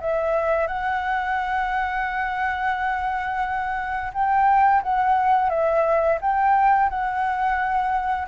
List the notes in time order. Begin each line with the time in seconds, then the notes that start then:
0.00 E5
0.67 F#5
4.13 G5
4.83 F#5
5.50 E5
6.21 G5
6.90 F#5